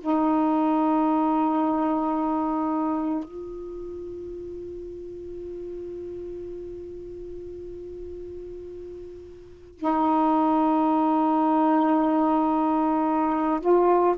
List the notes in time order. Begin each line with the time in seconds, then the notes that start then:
0.00 D#4
3.24 F4
9.78 D#4
13.61 F4